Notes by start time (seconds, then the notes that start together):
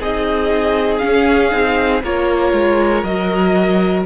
0.00 C4 D#4 G#4 D#5
0.99 C#4 F5
1.52 C4 D#4
2.04 A#3 F4 A#4 C#5
2.53 G#3
3.04 F#3 F#4 D#5